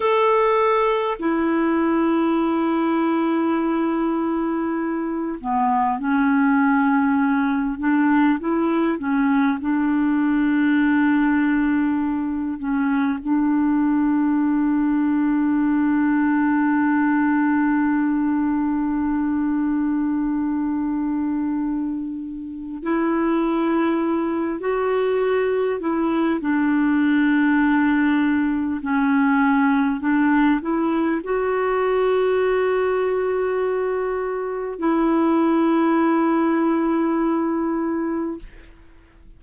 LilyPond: \new Staff \with { instrumentName = "clarinet" } { \time 4/4 \tempo 4 = 50 a'4 e'2.~ | e'8 b8 cis'4. d'8 e'8 cis'8 | d'2~ d'8 cis'8 d'4~ | d'1~ |
d'2. e'4~ | e'8 fis'4 e'8 d'2 | cis'4 d'8 e'8 fis'2~ | fis'4 e'2. | }